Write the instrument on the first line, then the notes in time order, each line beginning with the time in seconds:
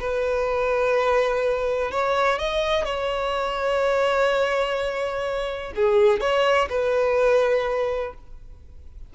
violin
0.00 B4
1.91 C#5
2.39 D#5
2.85 C#5
5.76 G#4
6.21 C#5
6.70 B4